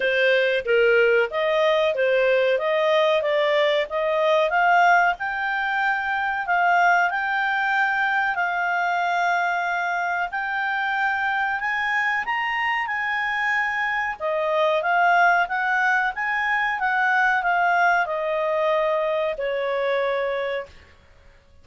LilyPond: \new Staff \with { instrumentName = "clarinet" } { \time 4/4 \tempo 4 = 93 c''4 ais'4 dis''4 c''4 | dis''4 d''4 dis''4 f''4 | g''2 f''4 g''4~ | g''4 f''2. |
g''2 gis''4 ais''4 | gis''2 dis''4 f''4 | fis''4 gis''4 fis''4 f''4 | dis''2 cis''2 | }